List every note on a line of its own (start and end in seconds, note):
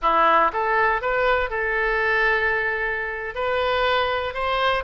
0.01 0.51 E4
0.53 1.01 A4
1.01 1.49 B4
1.49 3.34 A4
3.34 4.34 B4
4.34 4.83 C5